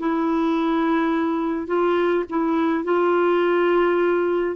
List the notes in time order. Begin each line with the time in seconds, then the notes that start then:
0.00 E4
1.68 F4
2.30 E4
2.85 F4